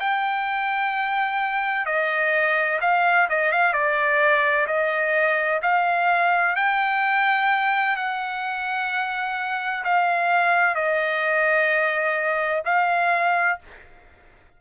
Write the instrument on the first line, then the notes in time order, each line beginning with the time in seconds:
trumpet
0.00 G5
1.86 D#5
2.81 F5
3.29 D#5
3.52 F5
3.73 D5
4.67 D#5
5.62 F5
6.56 G5
7.96 F#5
9.84 F5
10.75 D#5
12.65 F5